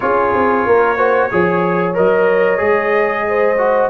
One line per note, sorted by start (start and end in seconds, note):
0.00 0.34 C#4
0.00 0.97 F4
0.00 0.67 G#4
0.00 1.93 C#5
0.34 0.66 C4
0.66 1.31 A#3
0.66 0.96 A#4
0.96 1.30 F#4
0.96 1.29 C5
1.31 1.97 F3
1.31 1.94 G#4
1.31 3.26 C#5
1.94 2.60 F#3
1.94 2.57 A#4
1.94 3.90 D#5
2.57 3.90 G#3
2.57 3.55 G#4
3.28 3.90 C5
3.58 3.90 F#4